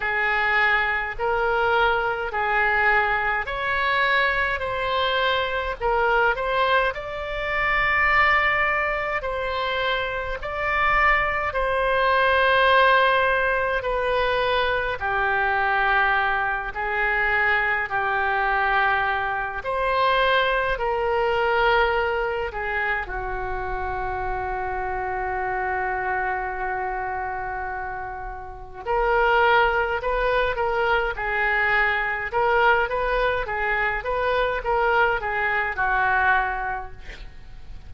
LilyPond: \new Staff \with { instrumentName = "oboe" } { \time 4/4 \tempo 4 = 52 gis'4 ais'4 gis'4 cis''4 | c''4 ais'8 c''8 d''2 | c''4 d''4 c''2 | b'4 g'4. gis'4 g'8~ |
g'4 c''4 ais'4. gis'8 | fis'1~ | fis'4 ais'4 b'8 ais'8 gis'4 | ais'8 b'8 gis'8 b'8 ais'8 gis'8 fis'4 | }